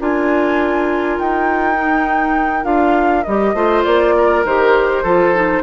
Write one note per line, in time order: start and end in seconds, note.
0.00 1.19 D4
0.00 1.75 F4
0.00 3.55 A#4
0.00 1.19 G#5
1.19 2.65 D#4
1.19 2.64 G5
1.75 2.64 D#4
2.64 3.24 D4
2.64 3.23 F4
2.64 3.24 F5
3.24 3.54 G3
3.24 3.56 G4
3.24 3.83 D#5
3.54 3.84 A3
3.54 4.45 F4
3.54 4.14 C5
3.85 4.45 A#3
3.85 4.44 D5
4.18 5.03 A#4
4.45 5.04 D#3
4.45 5.05 G4
4.45 5.63 C5
5.03 5.63 F3
5.03 5.35 F4
5.03 5.63 A4
5.35 5.63 D#4